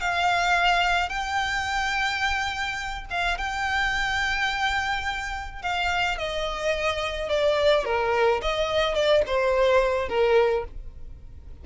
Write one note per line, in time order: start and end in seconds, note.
0.00 1.09 F5
1.09 3.05 G5
3.10 3.38 F5
3.38 5.62 G5
5.62 6.18 F5
6.18 7.29 D#5
7.29 7.85 D5
7.85 8.41 A#4
8.42 8.94 D#5
8.94 9.22 D5
9.27 10.09 C5
10.09 10.65 A#4